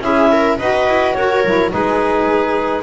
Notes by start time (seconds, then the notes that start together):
0.00 C#4 E4 G#4 E5
0.31 A#4
0.58 D#4 F#4 B4 D#5
0.87 E4
1.13 F#4 A#4 C#5
1.44 F#3 E4
1.70 G#3 D#4 G#4 B4